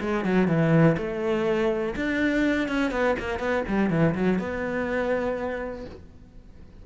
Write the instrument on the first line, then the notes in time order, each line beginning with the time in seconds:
cello
0.00 G#3
0.24 F#3
0.47 E3
0.97 A3
1.96 D4
2.68 C#4
2.91 B3
3.19 A#3
3.39 B3
3.68 G3
3.90 E3
4.14 F#3
4.38 B3